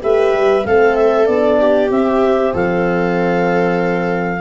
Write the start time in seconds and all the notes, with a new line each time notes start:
0.00 A3 G4 B4 E5
0.34 G3
0.65 A3 C4 A4 F5
0.95 E5
1.26 B3 D4 D5
1.60 G4
1.89 C4 E5
2.54 F3 A4 F5